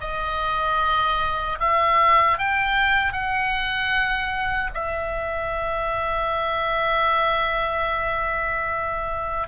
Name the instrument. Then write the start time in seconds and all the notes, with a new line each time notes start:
oboe
0.00 D#5
1.59 E5
2.38 G5
3.12 F#5
4.74 E5